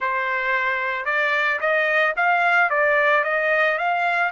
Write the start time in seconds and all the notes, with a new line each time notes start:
0.00 C5
1.05 D5
1.60 D#5
2.16 F5
2.70 D5
3.23 D#5
3.78 F5